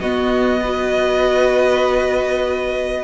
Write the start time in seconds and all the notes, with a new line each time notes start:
0.00 B3 F#4 D#5
0.61 F#4 B4